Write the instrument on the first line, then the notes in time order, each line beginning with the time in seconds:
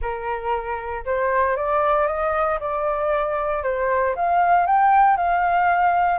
flute
0.01 A#4
1.05 C5
1.56 D5
2.07 D#5
2.60 D5
3.63 C5
4.15 F5
4.66 G5
5.16 F5